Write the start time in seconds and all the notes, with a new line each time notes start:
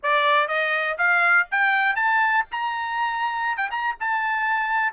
0.02 D5
0.47 D#5
0.97 F5
1.51 G5
1.95 A5
2.51 A#5
3.57 G5
3.70 A#5
4.00 A5